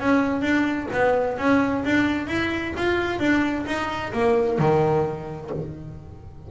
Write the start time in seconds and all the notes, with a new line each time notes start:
0.00 C#4
0.41 D4
0.93 B3
1.38 C#4
1.84 D4
2.27 E4
2.76 F4
3.19 D4
3.66 D#4
4.13 A#3
4.59 D#3